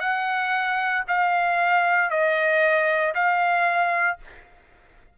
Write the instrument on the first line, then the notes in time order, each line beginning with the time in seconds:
trumpet
0.00 F#5
1.09 F5
2.11 D#5
3.15 F5